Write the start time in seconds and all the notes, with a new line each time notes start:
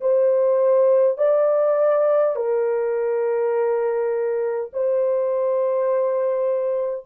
0.00 C5
1.18 D5
2.35 A#4
4.73 C5